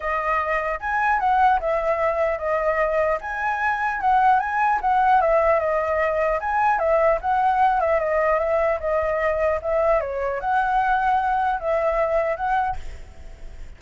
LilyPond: \new Staff \with { instrumentName = "flute" } { \time 4/4 \tempo 4 = 150 dis''2 gis''4 fis''4 | e''2 dis''2 | gis''2 fis''4 gis''4 | fis''4 e''4 dis''2 |
gis''4 e''4 fis''4. e''8 | dis''4 e''4 dis''2 | e''4 cis''4 fis''2~ | fis''4 e''2 fis''4 | }